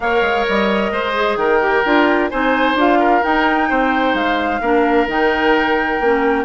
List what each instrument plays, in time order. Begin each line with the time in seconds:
0.00 bassoon A#3, clarinet A#4, oboe C#5, flute F5
0.21 bassoon G#3
0.48 bassoon G3, flute D#5
0.91 bassoon G#3, oboe C5
1.14 clarinet G#4
1.36 bassoon D#3, oboe A#4, flute G5
1.60 clarinet G4
1.85 bassoon D4, clarinet F4
2.30 bassoon C4, clarinet D#4, oboe C5, flute G#5
2.74 bassoon D4, clarinet F4, flute F5
2.99 oboe A#4
3.22 clarinet D#4, bassoon D#4, flute G5
3.69 bassoon C4, oboe C5
4.14 bassoon G#3, flute F5
4.60 bassoon A#3, clarinet D4, oboe A#4
5.07 bassoon D#3, clarinet D#4, flute G5
6.00 bassoon A#3, clarinet C#4